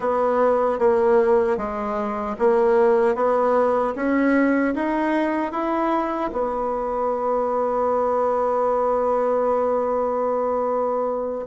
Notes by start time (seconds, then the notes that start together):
0.00 B3
0.78 A#3
1.57 G#3
2.38 A#3
3.15 B3
3.95 C#4
4.74 D#4
5.52 E4
6.32 B3